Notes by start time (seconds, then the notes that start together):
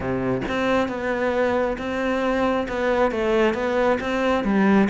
0.00 C3
0.48 C4
0.88 B3
1.78 C4
2.68 B3
3.11 A3
3.53 B3
4.00 C4
4.44 G3